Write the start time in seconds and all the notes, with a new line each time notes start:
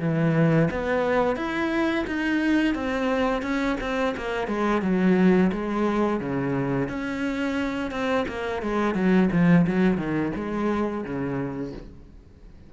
0.00 E3
0.71 B3
1.36 E4
2.07 D#4
2.75 C4
3.42 C#4
3.81 C4
4.17 A#3
4.47 G#3
4.82 F#3
5.52 G#3
6.20 C#3
6.89 C#4
7.91 C4
8.29 A#3
8.62 G#3
8.95 F#3
9.32 F3
9.67 F#3
9.97 D#3
10.36 G#3
11.04 C#3